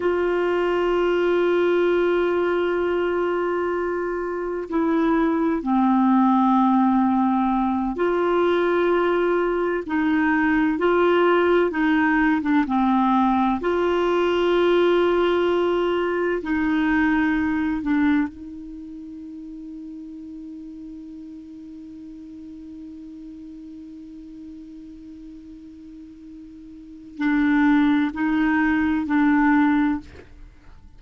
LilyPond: \new Staff \with { instrumentName = "clarinet" } { \time 4/4 \tempo 4 = 64 f'1~ | f'4 e'4 c'2~ | c'8 f'2 dis'4 f'8~ | f'8 dis'8. d'16 c'4 f'4.~ |
f'4. dis'4. d'8 dis'8~ | dis'1~ | dis'1~ | dis'4 d'4 dis'4 d'4 | }